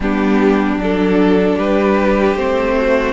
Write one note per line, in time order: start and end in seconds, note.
0.00 0.76 G3
0.00 0.79 B3
0.00 1.57 D4
0.00 0.81 G4
0.76 1.55 F#3
0.76 2.37 D4
0.76 1.58 A4
1.57 2.35 G3
1.57 2.75 G4
1.57 2.36 B4
2.35 3.12 A3
2.35 3.12 C4
2.35 3.12 C5
2.76 3.12 F#4